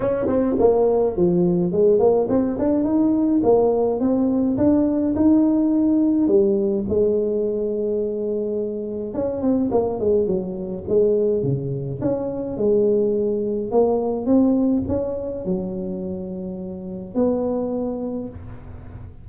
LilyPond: \new Staff \with { instrumentName = "tuba" } { \time 4/4 \tempo 4 = 105 cis'8 c'8 ais4 f4 gis8 ais8 | c'8 d'8 dis'4 ais4 c'4 | d'4 dis'2 g4 | gis1 |
cis'8 c'8 ais8 gis8 fis4 gis4 | cis4 cis'4 gis2 | ais4 c'4 cis'4 fis4~ | fis2 b2 | }